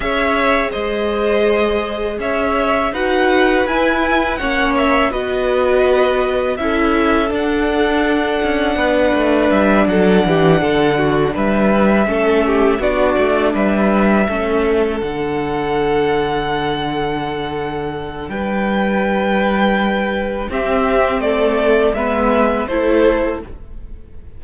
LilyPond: <<
  \new Staff \with { instrumentName = "violin" } { \time 4/4 \tempo 4 = 82 e''4 dis''2 e''4 | fis''4 gis''4 fis''8 e''8 dis''4~ | dis''4 e''4 fis''2~ | fis''4 e''8 fis''2 e''8~ |
e''4. d''4 e''4.~ | e''8 fis''2.~ fis''8~ | fis''4 g''2. | e''4 d''4 e''4 c''4 | }
  \new Staff \with { instrumentName = "violin" } { \time 4/4 cis''4 c''2 cis''4 | b'2 cis''4 b'4~ | b'4 a'2. | b'4. a'8 g'8 a'8 fis'8 b'8~ |
b'8 a'8 g'8 fis'4 b'4 a'8~ | a'1~ | a'4 b'2. | g'4 a'4 b'4 a'4 | }
  \new Staff \with { instrumentName = "viola" } { \time 4/4 gis'1 | fis'4 e'4 cis'4 fis'4~ | fis'4 e'4 d'2~ | d'1~ |
d'8 cis'4 d'2 cis'8~ | cis'8 d'2.~ d'8~ | d'1 | c'2 b4 e'4 | }
  \new Staff \with { instrumentName = "cello" } { \time 4/4 cis'4 gis2 cis'4 | dis'4 e'4 ais4 b4~ | b4 cis'4 d'4. cis'8 | b8 a8 g8 fis8 e8 d4 g8~ |
g8 a4 b8 a8 g4 a8~ | a8 d2.~ d8~ | d4 g2. | c'4 a4 gis4 a4 | }
>>